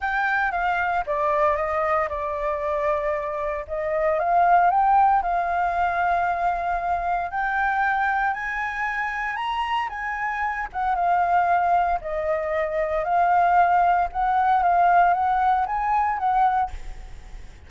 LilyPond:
\new Staff \with { instrumentName = "flute" } { \time 4/4 \tempo 4 = 115 g''4 f''4 d''4 dis''4 | d''2. dis''4 | f''4 g''4 f''2~ | f''2 g''2 |
gis''2 ais''4 gis''4~ | gis''8 fis''8 f''2 dis''4~ | dis''4 f''2 fis''4 | f''4 fis''4 gis''4 fis''4 | }